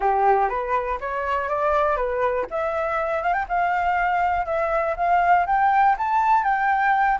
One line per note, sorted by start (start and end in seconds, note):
0.00 0.49 G4
0.49 0.98 B4
1.00 1.48 C#5
1.48 1.96 D5
1.96 2.45 B4
2.50 3.22 E5
3.22 3.33 F5
3.33 3.45 G5
3.48 4.45 F5
4.45 4.95 E5
4.96 5.45 F5
5.46 5.95 G5
5.98 6.43 A5
6.43 7.18 G5